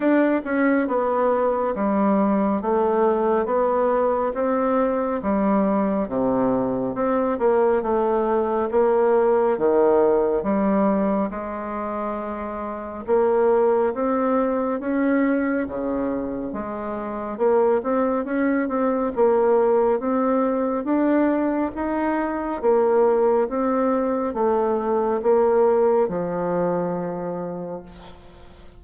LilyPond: \new Staff \with { instrumentName = "bassoon" } { \time 4/4 \tempo 4 = 69 d'8 cis'8 b4 g4 a4 | b4 c'4 g4 c4 | c'8 ais8 a4 ais4 dis4 | g4 gis2 ais4 |
c'4 cis'4 cis4 gis4 | ais8 c'8 cis'8 c'8 ais4 c'4 | d'4 dis'4 ais4 c'4 | a4 ais4 f2 | }